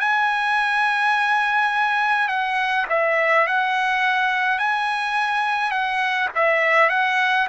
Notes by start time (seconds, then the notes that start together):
0.00 G#5
2.29 F#5
2.90 E5
3.48 F#5
4.59 G#5
5.72 F#5
6.36 E5
6.90 F#5